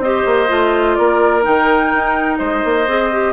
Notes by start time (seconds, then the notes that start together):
0.00 C4 G4 C5 D#5
0.26 A#3
0.48 A3 F4
0.95 A#3 A#4 D5
1.42 D#3 D#4 G5
1.94 D#4
2.37 G#3 C5 D#5
2.65 A#3
2.88 C4 G#4
3.12 G4